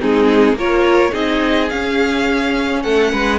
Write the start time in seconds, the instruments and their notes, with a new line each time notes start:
0.00 cello G#3, viola C4, violin D#4 G#4
0.53 cello A#3, viola F4, violin A#4 C#5
1.11 cello C4, viola D#4, violin G#4 D#5
1.70 viola C#4, cello C#4, violin F5
2.83 cello A3, violin A4 F#5
3.12 cello G#3, violin B4